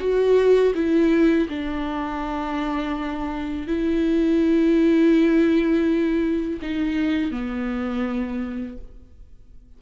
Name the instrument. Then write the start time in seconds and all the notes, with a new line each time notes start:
viola
0.00 F#4
0.75 E4
1.49 D4
3.67 E4
6.62 D#4
7.31 B3